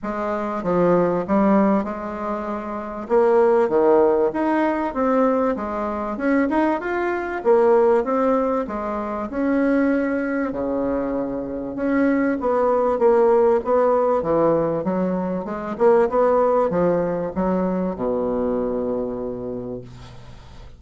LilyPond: \new Staff \with { instrumentName = "bassoon" } { \time 4/4 \tempo 4 = 97 gis4 f4 g4 gis4~ | gis4 ais4 dis4 dis'4 | c'4 gis4 cis'8 dis'8 f'4 | ais4 c'4 gis4 cis'4~ |
cis'4 cis2 cis'4 | b4 ais4 b4 e4 | fis4 gis8 ais8 b4 f4 | fis4 b,2. | }